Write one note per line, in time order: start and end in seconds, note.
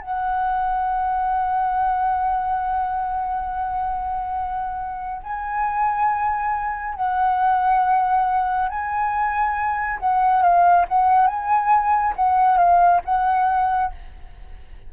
0.00 5.22 F#5
5.23 6.95 G#5
6.95 8.69 F#5
8.69 9.99 G#5
10.00 10.42 F#5
10.42 10.86 F5
10.89 11.27 F#5
11.27 12.14 G#5
12.16 12.58 F#5
12.58 13.01 F5
13.05 13.92 F#5